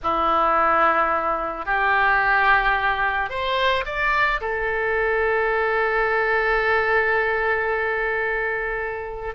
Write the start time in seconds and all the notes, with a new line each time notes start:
0.02 E4
1.65 G4
3.29 C5
3.85 D5
4.41 A4